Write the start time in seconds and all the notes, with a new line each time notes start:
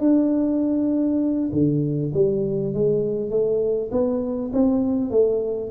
0.00 D4
1.52 D3
2.14 G3
2.74 G#3
3.31 A3
3.92 B3
4.53 C4
5.11 A3